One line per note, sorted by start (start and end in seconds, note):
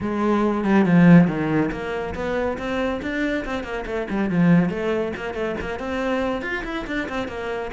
0.01 0.64 G#3
0.64 0.85 G3
0.85 1.27 F3
1.27 1.70 D#3
1.71 2.14 A#3
2.14 2.57 B3
2.58 3.00 C4
3.02 3.45 D4
3.45 3.63 C4
3.63 3.85 A#3
3.86 4.07 A3
4.10 4.30 G3
4.30 4.69 F3
4.69 5.12 A3
5.16 5.34 A#3
5.34 5.55 A3
5.60 5.79 A#3
5.79 6.42 C4
6.42 6.63 F4
6.64 6.85 E4
6.86 7.08 D4
7.09 7.28 C4
7.28 7.71 A#3